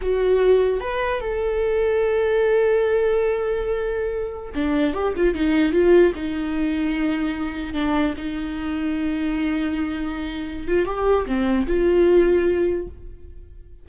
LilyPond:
\new Staff \with { instrumentName = "viola" } { \time 4/4 \tempo 4 = 149 fis'2 b'4 a'4~ | a'1~ | a'2.~ a'16 d'8.~ | d'16 g'8 f'8 dis'4 f'4 dis'8.~ |
dis'2.~ dis'16 d'8.~ | d'16 dis'2.~ dis'8.~ | dis'2~ dis'8 f'8 g'4 | c'4 f'2. | }